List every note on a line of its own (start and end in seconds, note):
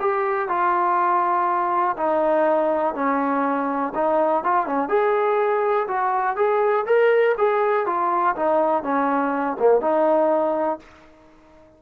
0.00 0.49 G4
0.49 1.96 F4
1.96 2.94 D#4
2.94 3.93 C#4
3.95 4.43 D#4
4.43 4.66 F4
4.66 4.88 C#4
4.88 5.87 G#4
5.87 6.36 F#4
6.36 6.85 G#4
6.86 7.35 A#4
7.37 7.86 G#4
7.86 8.35 F4
8.36 8.83 D#4
8.83 9.57 C#4
9.59 9.80 A#3
9.80 10.79 D#4